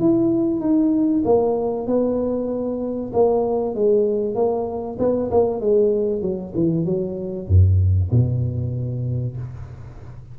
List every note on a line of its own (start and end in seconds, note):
0.00 0.61 E4
0.61 1.24 D#4
1.26 1.87 A#3
1.87 3.12 B3
3.14 3.75 A#3
3.75 4.35 G#3
4.35 4.98 A#3
4.99 5.31 B3
5.31 5.61 A#3
5.61 6.22 G#3
6.22 6.53 F#3
6.55 6.86 E3
6.86 7.48 F#3
7.48 8.11 F#2
8.12 9.37 B2